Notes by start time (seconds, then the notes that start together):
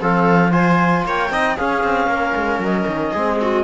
0.00 F3 C4 A4 F5
0.50 F4 C5 G#5
1.04 A#3 C#5 G5
1.30 C4 D#4 D#5
1.56 C#4 G#4 F5
1.83 C4
2.07 A#3 A#4
2.36 G#3
2.59 F#3 D#5
2.87 D#3
3.11 G#3 C4 G#4
3.41 F#4